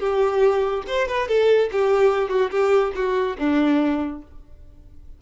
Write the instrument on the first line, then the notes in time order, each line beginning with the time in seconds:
violin
0.00 G4
0.87 C5
1.08 B4
1.28 A4
1.72 G4
2.30 F#4
2.51 G4
2.95 F#4
3.39 D4